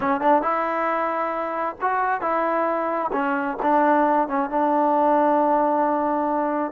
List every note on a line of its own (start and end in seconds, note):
0.00 0.20 C#4
0.20 0.42 D4
0.42 1.76 E4
1.81 2.21 F#4
2.21 3.11 E4
3.12 3.57 C#4
3.62 4.28 D4
4.28 4.49 C#4
4.49 6.71 D4